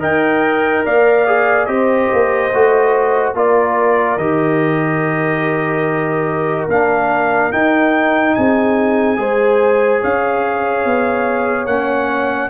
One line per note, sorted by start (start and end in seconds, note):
0.00 0.86 D#4
0.00 1.25 A#4
0.00 0.83 D#5
0.00 0.86 G5
0.85 1.68 A#3
0.85 1.69 D5
0.85 1.66 F5
1.27 1.68 G#4
1.66 2.09 C4
1.66 2.51 G4
1.66 3.36 C5
1.66 3.33 D#5
2.13 2.52 A#3
2.52 3.35 A3
2.52 3.35 F#4
3.35 4.18 A#3
3.35 4.19 F4
3.35 8.37 A#4
3.35 4.18 D5
4.18 6.68 D#3
4.18 6.70 G4
4.18 6.68 D#5
6.68 7.52 A#3
6.68 7.52 D4
6.68 7.52 F5
7.52 9.17 D#4
7.52 8.36 D#4
7.52 8.35 G5
8.35 9.18 C4
8.35 9.19 G#4
8.35 10.02 G#5
9.17 10.01 G#3
9.17 11.67 G#4
9.17 10.01 C5
10.01 10.85 C#4
10.01 12.51 C#5
10.01 11.67 F5
10.85 11.66 B3
11.66 12.50 A#3
11.66 12.51 C#4
11.66 12.50 F#5